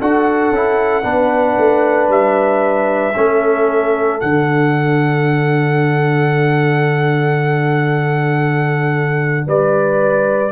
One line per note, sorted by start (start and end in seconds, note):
0.00 0.51 D4
0.00 0.53 F#4
0.00 1.04 A4
0.00 2.11 F#5
0.51 1.03 C#4
0.51 1.02 E4
1.02 1.56 B3
1.02 3.13 D4
1.02 3.14 B4
1.57 2.08 A3
2.08 3.13 G3
2.08 4.20 E5
3.14 4.22 A3
3.14 4.20 C#4
3.14 9.46 A4
4.20 9.46 D3
4.20 10.51 D4
4.20 9.46 F#5
9.46 10.52 G3
9.46 10.52 B4
9.46 10.52 D5